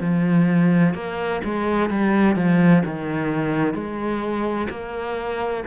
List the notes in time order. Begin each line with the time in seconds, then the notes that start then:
0.00 F3
0.94 A#3
1.44 G#3
1.90 G3
2.36 F3
2.85 D#3
3.74 G#3
4.70 A#3